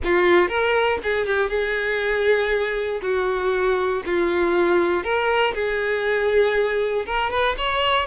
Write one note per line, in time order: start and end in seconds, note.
0.03 0.48 F4
0.48 0.98 A#4
1.03 1.26 G#4
1.26 1.49 G4
1.49 3.00 G#4
3.02 4.02 F#4
4.05 5.03 F4
5.03 5.53 A#4
5.54 7.05 G#4
7.06 7.30 A#4
7.30 7.55 B4
7.57 8.06 C#5